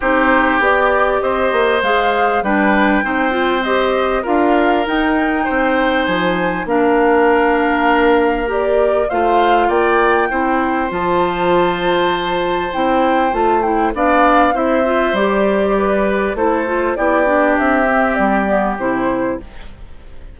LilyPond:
<<
  \new Staff \with { instrumentName = "flute" } { \time 4/4 \tempo 4 = 99 c''4 d''4 dis''4 f''4 | g''2 dis''4 f''4 | g''2 gis''4 f''4~ | f''2 d''4 f''4 |
g''2 a''2~ | a''4 g''4 a''8 g''8 f''4 | e''4 d''2 c''4 | d''4 e''4 d''4 c''4 | }
  \new Staff \with { instrumentName = "oboe" } { \time 4/4 g'2 c''2 | b'4 c''2 ais'4~ | ais'4 c''2 ais'4~ | ais'2. c''4 |
d''4 c''2.~ | c''2. d''4 | c''2 b'4 a'4 | g'1 | }
  \new Staff \with { instrumentName = "clarinet" } { \time 4/4 dis'4 g'2 gis'4 | d'4 dis'8 f'8 g'4 f'4 | dis'2. d'4~ | d'2 g'4 f'4~ |
f'4 e'4 f'2~ | f'4 e'4 f'8 e'8 d'4 | e'8 f'8 g'2 e'8 f'8 | e'8 d'4 c'4 b8 e'4 | }
  \new Staff \with { instrumentName = "bassoon" } { \time 4/4 c'4 b4 c'8 ais8 gis4 | g4 c'2 d'4 | dis'4 c'4 f4 ais4~ | ais2. a4 |
ais4 c'4 f2~ | f4 c'4 a4 b4 | c'4 g2 a4 | b4 c'4 g4 c4 | }
>>